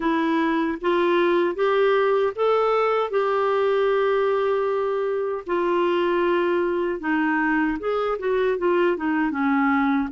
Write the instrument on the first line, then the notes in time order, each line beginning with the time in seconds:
clarinet
0.00 E4
0.81 F4
1.55 G4
2.35 A4
3.10 G4
5.46 F4
7.00 D#4
7.79 G#4
8.19 F#4
8.58 F4
8.96 D#4
9.30 C#4